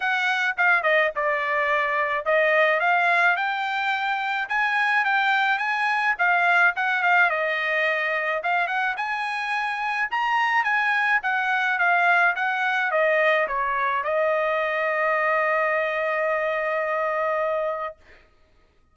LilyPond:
\new Staff \with { instrumentName = "trumpet" } { \time 4/4 \tempo 4 = 107 fis''4 f''8 dis''8 d''2 | dis''4 f''4 g''2 | gis''4 g''4 gis''4 f''4 | fis''8 f''8 dis''2 f''8 fis''8 |
gis''2 ais''4 gis''4 | fis''4 f''4 fis''4 dis''4 | cis''4 dis''2.~ | dis''1 | }